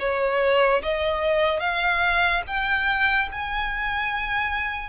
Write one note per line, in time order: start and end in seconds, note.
0.00 0.82 C#5
0.83 1.60 D#5
1.60 2.42 F5
2.47 3.30 G5
3.32 4.90 G#5